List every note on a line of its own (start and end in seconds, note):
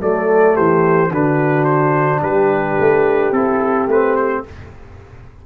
0.00 0.57 F#3
0.00 1.11 A3
0.00 0.56 A4
0.00 0.57 D5
0.56 1.11 E3
0.56 1.11 G4
0.56 1.12 C5
1.11 2.22 D3
1.11 3.34 D4
1.11 2.22 F#4
1.11 1.65 B4
1.65 2.20 C5
2.22 2.78 G3
2.22 4.44 G4
2.22 3.33 B4
2.80 3.32 A3
3.32 3.87 C4
3.32 3.90 E4
3.32 3.88 A4
3.87 4.43 A3
3.87 4.46 C4
3.87 4.16 B4
4.16 4.44 C5